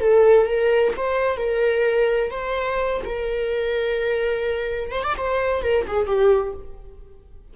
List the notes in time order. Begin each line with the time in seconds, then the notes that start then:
0.00 A4
0.46 A#4
0.97 C5
1.37 A#4
2.31 C5
3.05 A#4
4.92 C5
5.03 D5
5.18 C5
5.62 A#4
5.87 G#4
6.07 G4